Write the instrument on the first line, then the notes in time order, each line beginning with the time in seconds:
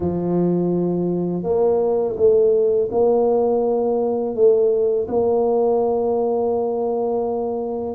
tuba
0.00 F3
1.43 A#3
2.16 A3
2.91 A#3
4.35 A3
5.08 A#3